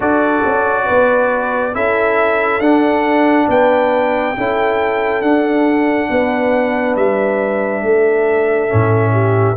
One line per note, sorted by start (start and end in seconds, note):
0.00 0.43 D4
0.00 1.72 F#4
0.00 0.83 A4
0.00 1.74 D5
0.45 0.88 C#4
0.85 1.75 B3
0.85 1.72 B4
1.74 2.59 C#4
1.74 2.61 E4
1.74 3.48 A4
1.74 2.60 E5
2.59 3.46 D4
2.59 4.35 D4
2.59 3.47 F#5
3.48 4.35 B3
3.48 4.35 B4
3.48 5.21 G5
4.36 5.21 C#4
4.36 5.23 E4
4.36 6.09 A4
5.21 6.08 D4
5.21 8.68 D4
5.21 6.95 F#5
6.09 6.96 B3
6.09 7.83 B4
6.96 7.82 G3
6.96 9.57 E5
7.82 8.69 A3
7.82 9.12 A4
8.68 9.57 A2
8.68 9.55 C#4
9.12 9.55 G4